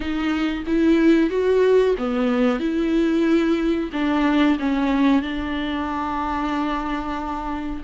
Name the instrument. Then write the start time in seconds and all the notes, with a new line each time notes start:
viola
0.00 D#4
0.66 E4
1.30 F#4
1.97 B3
2.59 E4
3.92 D4
4.59 C#4
5.21 D4